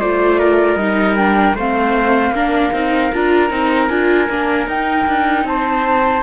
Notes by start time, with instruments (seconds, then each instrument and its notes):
0.00 cello A3, viola F4, trumpet C5, flute D5
0.39 trumpet A#4
0.75 cello G3, viola D#4, flute D#5
1.17 viola D4, flute G5
1.54 cello A3, viola C4, trumpet C5, flute F5
2.30 cello A#3, viola D4, trumpet A#4
2.72 cello C4, viola D#4
3.14 cello D4, viola F4, flute A#5
3.50 cello C4, viola D#4
3.89 cello D4, viola F4, flute G#5
4.29 cello A#3, viola D4
4.67 cello D#4, viola D#4, flute G5
5.06 cello D4
5.44 cello C4, trumpet C5, flute A5